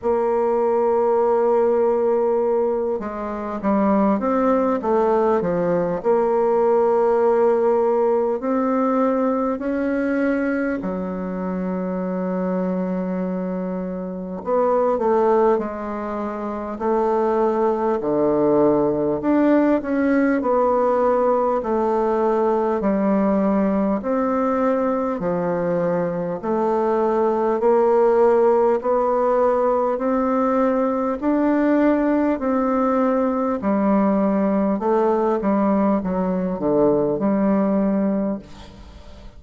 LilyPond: \new Staff \with { instrumentName = "bassoon" } { \time 4/4 \tempo 4 = 50 ais2~ ais8 gis8 g8 c'8 | a8 f8 ais2 c'4 | cis'4 fis2. | b8 a8 gis4 a4 d4 |
d'8 cis'8 b4 a4 g4 | c'4 f4 a4 ais4 | b4 c'4 d'4 c'4 | g4 a8 g8 fis8 d8 g4 | }